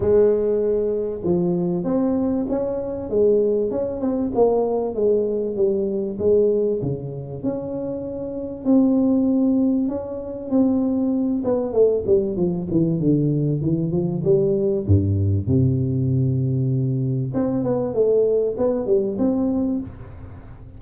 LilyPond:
\new Staff \with { instrumentName = "tuba" } { \time 4/4 \tempo 4 = 97 gis2 f4 c'4 | cis'4 gis4 cis'8 c'8 ais4 | gis4 g4 gis4 cis4 | cis'2 c'2 |
cis'4 c'4. b8 a8 g8 | f8 e8 d4 e8 f8 g4 | g,4 c2. | c'8 b8 a4 b8 g8 c'4 | }